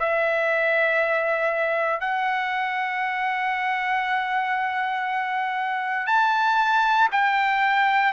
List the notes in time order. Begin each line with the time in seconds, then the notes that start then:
0.00 E5
2.01 F#5
6.07 A5
7.12 G5